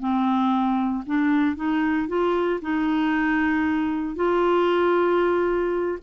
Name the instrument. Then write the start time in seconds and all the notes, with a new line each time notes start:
clarinet
0.00 C4
1.06 D4
1.56 D#4
2.08 F4
2.62 D#4
4.16 F4